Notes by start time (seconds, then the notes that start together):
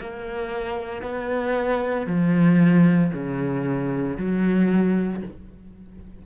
0.00 A#3
1.02 B3
2.06 F3
3.13 C#3
4.17 F#3